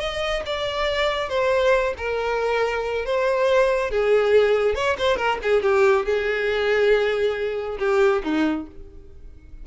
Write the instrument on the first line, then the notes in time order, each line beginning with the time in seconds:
violin
0.00 D#5
0.46 D5
1.29 C5
1.98 A#4
3.06 C5
3.91 G#4
4.75 C#5
4.99 C5
5.17 A#4
5.43 G#4
5.62 G4
6.05 G#4
7.79 G4
8.23 D#4